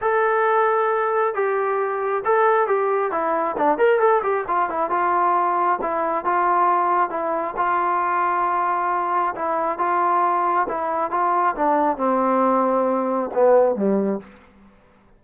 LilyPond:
\new Staff \with { instrumentName = "trombone" } { \time 4/4 \tempo 4 = 135 a'2. g'4~ | g'4 a'4 g'4 e'4 | d'8 ais'8 a'8 g'8 f'8 e'8 f'4~ | f'4 e'4 f'2 |
e'4 f'2.~ | f'4 e'4 f'2 | e'4 f'4 d'4 c'4~ | c'2 b4 g4 | }